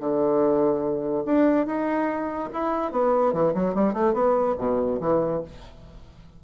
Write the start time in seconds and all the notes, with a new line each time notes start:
0.00 D3
1.26 D4
1.67 D#4
2.54 E4
2.92 B3
3.34 E3
3.55 F#3
3.75 G3
3.94 A3
4.14 B3
4.59 B2
5.01 E3